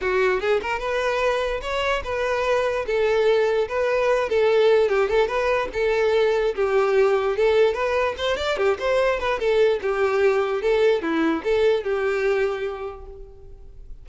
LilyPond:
\new Staff \with { instrumentName = "violin" } { \time 4/4 \tempo 4 = 147 fis'4 gis'8 ais'8 b'2 | cis''4 b'2 a'4~ | a'4 b'4. a'4. | g'8 a'8 b'4 a'2 |
g'2 a'4 b'4 | c''8 d''8 g'8 c''4 b'8 a'4 | g'2 a'4 e'4 | a'4 g'2. | }